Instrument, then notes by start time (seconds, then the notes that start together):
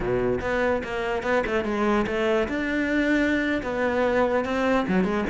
cello
0.00 B2
0.40 B3
0.83 A#3
1.23 B3
1.46 A3
1.64 G#3
2.06 A3
2.48 D4
3.62 B3
4.44 C4
4.88 F#3
5.04 G#3